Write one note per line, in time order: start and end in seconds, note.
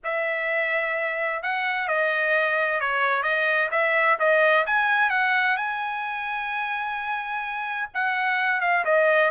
0.04 1.42 E5
1.42 1.87 F#5
1.87 2.80 D#5
2.80 3.22 C#5
3.22 3.69 D#5
3.71 4.17 E5
4.19 4.65 D#5
4.66 5.10 G#5
5.10 5.56 F#5
5.56 7.89 G#5
7.94 8.60 F#5
8.60 8.84 F5
8.84 9.30 D#5